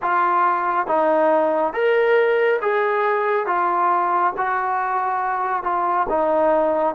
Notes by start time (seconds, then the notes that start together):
0.02 F4
0.87 D#4
1.73 A#4
2.61 G#4
3.46 F4
4.37 F#4
5.63 F4
6.09 D#4